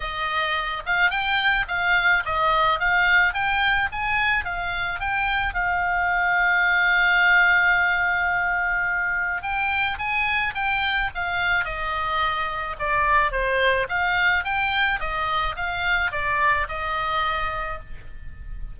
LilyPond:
\new Staff \with { instrumentName = "oboe" } { \time 4/4 \tempo 4 = 108 dis''4. f''8 g''4 f''4 | dis''4 f''4 g''4 gis''4 | f''4 g''4 f''2~ | f''1~ |
f''4 g''4 gis''4 g''4 | f''4 dis''2 d''4 | c''4 f''4 g''4 dis''4 | f''4 d''4 dis''2 | }